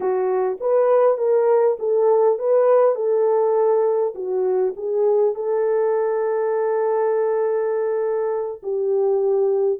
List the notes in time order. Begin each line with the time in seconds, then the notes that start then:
0.00 F#4
0.60 B4
1.17 A#4
1.79 A4
2.38 B4
2.95 A4
4.14 F#4
4.76 G#4
5.34 A4
8.62 G4